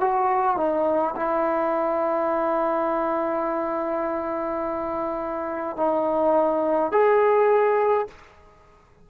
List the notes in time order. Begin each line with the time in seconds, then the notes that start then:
0.00 F#4
0.57 D#4
1.16 E4
5.77 D#4
6.92 G#4